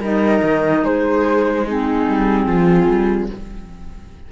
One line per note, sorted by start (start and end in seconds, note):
0.00 0.41 G3
0.00 1.67 D#4
0.00 0.82 A#4
0.00 0.85 D#5
0.42 0.83 D#3
0.83 2.06 G#3
0.83 1.66 G#4
0.83 1.67 C5
1.66 3.32 C4
1.66 2.47 D#4
1.66 3.32 G#4
2.07 2.46 G3
2.46 2.87 F3
2.46 3.29 F4
2.88 3.29 G3